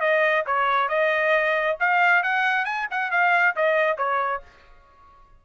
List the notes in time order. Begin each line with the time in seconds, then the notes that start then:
0.00 D#5
0.46 C#5
0.88 D#5
1.80 F5
2.23 F#5
2.65 G#5
2.90 F#5
3.11 F5
3.56 D#5
3.97 C#5